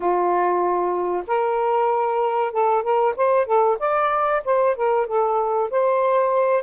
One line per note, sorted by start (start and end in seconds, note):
0.00 1.23 F4
1.27 2.52 A#4
2.52 2.82 A4
2.82 3.14 A#4
3.16 3.46 C5
3.46 3.77 A4
3.79 4.42 D5
4.44 4.75 C5
4.75 5.06 A#4
5.06 5.70 A4
5.70 6.63 C5